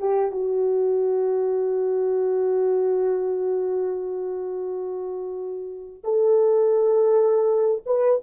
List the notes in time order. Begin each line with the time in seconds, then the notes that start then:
0.00 G4
0.32 F#4
6.04 A4
7.86 B4